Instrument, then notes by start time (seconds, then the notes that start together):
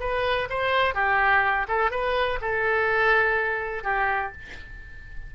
oboe
0.00 B4
0.49 C5
0.94 G4
1.68 A4
1.91 B4
2.41 A4
3.84 G4